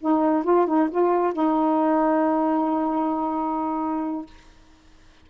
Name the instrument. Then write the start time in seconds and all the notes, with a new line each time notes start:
saxophone
0.00 D#4
0.44 F4
0.67 D#4
0.91 F4
1.33 D#4